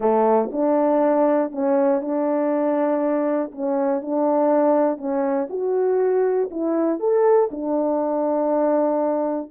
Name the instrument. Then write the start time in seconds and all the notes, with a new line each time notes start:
horn
0.00 A3
0.52 D4
1.51 C#4
2.01 D4
3.51 C#4
4.01 D4
4.97 C#4
5.49 F#4
6.50 E4
6.99 A4
7.51 D4